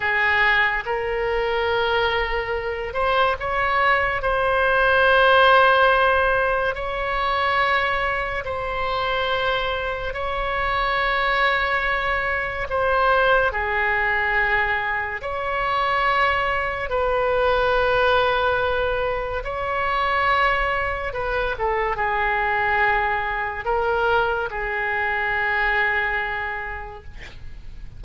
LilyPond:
\new Staff \with { instrumentName = "oboe" } { \time 4/4 \tempo 4 = 71 gis'4 ais'2~ ais'8 c''8 | cis''4 c''2. | cis''2 c''2 | cis''2. c''4 |
gis'2 cis''2 | b'2. cis''4~ | cis''4 b'8 a'8 gis'2 | ais'4 gis'2. | }